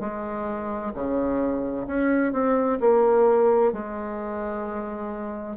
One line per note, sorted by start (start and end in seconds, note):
0.00 0.92 G#3
0.94 1.86 C#3
1.87 2.32 C#4
2.32 2.79 C4
2.80 3.72 A#3
3.72 5.56 G#3